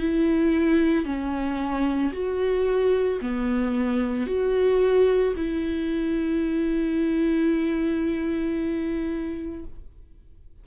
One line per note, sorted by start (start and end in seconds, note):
0.00 1.05 E4
1.05 2.12 C#4
2.13 3.20 F#4
3.21 4.27 B3
4.27 5.34 F#4
5.37 9.65 E4